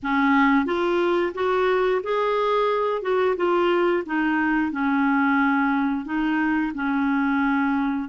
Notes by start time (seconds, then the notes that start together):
0.02 C#4
0.65 F4
1.34 F#4
2.03 G#4
3.02 F#4
3.36 F4
4.06 D#4
4.71 C#4
6.05 D#4
6.74 C#4